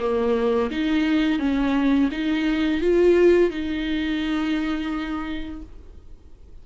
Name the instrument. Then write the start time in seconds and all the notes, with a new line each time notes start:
viola
0.00 A#3
0.71 D#4
1.39 C#4
2.12 D#4
2.81 F4
3.51 D#4